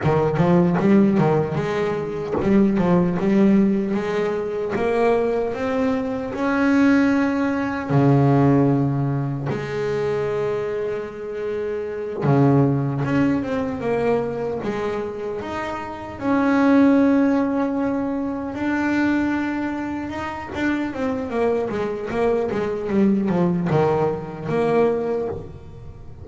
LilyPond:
\new Staff \with { instrumentName = "double bass" } { \time 4/4 \tempo 4 = 76 dis8 f8 g8 dis8 gis4 g8 f8 | g4 gis4 ais4 c'4 | cis'2 cis2 | gis2.~ gis8 cis8~ |
cis8 cis'8 c'8 ais4 gis4 dis'8~ | dis'8 cis'2. d'8~ | d'4. dis'8 d'8 c'8 ais8 gis8 | ais8 gis8 g8 f8 dis4 ais4 | }